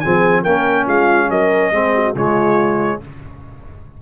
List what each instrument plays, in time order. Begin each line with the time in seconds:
0.00 tuba F3, trombone C4, horn G#4, trumpet G#5
0.42 tuba A#3, trombone C#4, horn A#4, trumpet G5
0.85 tuba G#3, horn F4, trumpet F5
1.30 tuba F#3, horn A#4, trumpet D#5
1.72 tuba G#3, trombone C4, horn G#4
1.95 horn F#4
2.14 tuba C#3, trombone G#3, horn F4, trumpet C#5